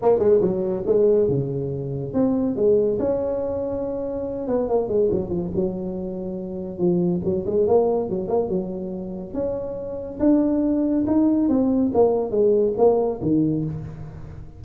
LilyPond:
\new Staff \with { instrumentName = "tuba" } { \time 4/4 \tempo 4 = 141 ais8 gis8 fis4 gis4 cis4~ | cis4 c'4 gis4 cis'4~ | cis'2~ cis'8 b8 ais8 gis8 | fis8 f8 fis2. |
f4 fis8 gis8 ais4 fis8 ais8 | fis2 cis'2 | d'2 dis'4 c'4 | ais4 gis4 ais4 dis4 | }